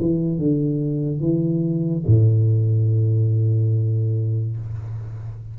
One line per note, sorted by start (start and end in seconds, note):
0.00 0.38 E3
0.38 1.20 D3
1.20 2.04 E3
2.06 4.56 A2